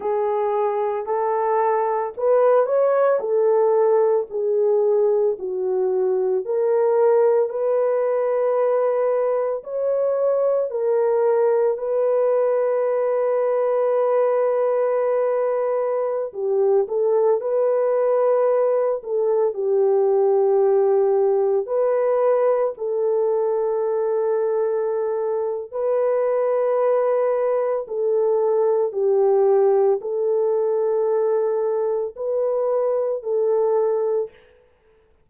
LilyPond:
\new Staff \with { instrumentName = "horn" } { \time 4/4 \tempo 4 = 56 gis'4 a'4 b'8 cis''8 a'4 | gis'4 fis'4 ais'4 b'4~ | b'4 cis''4 ais'4 b'4~ | b'2.~ b'16 g'8 a'16~ |
a'16 b'4. a'8 g'4.~ g'16~ | g'16 b'4 a'2~ a'8. | b'2 a'4 g'4 | a'2 b'4 a'4 | }